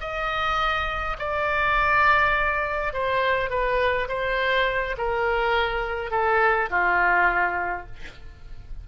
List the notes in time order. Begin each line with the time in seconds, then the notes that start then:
0.00 D#5
1.18 D5
2.93 C5
3.50 B4
4.08 C5
4.97 A#4
6.11 A4
6.70 F4